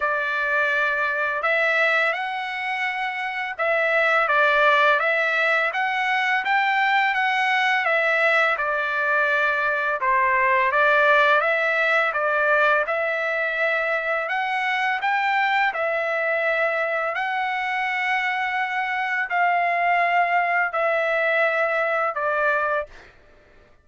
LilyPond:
\new Staff \with { instrumentName = "trumpet" } { \time 4/4 \tempo 4 = 84 d''2 e''4 fis''4~ | fis''4 e''4 d''4 e''4 | fis''4 g''4 fis''4 e''4 | d''2 c''4 d''4 |
e''4 d''4 e''2 | fis''4 g''4 e''2 | fis''2. f''4~ | f''4 e''2 d''4 | }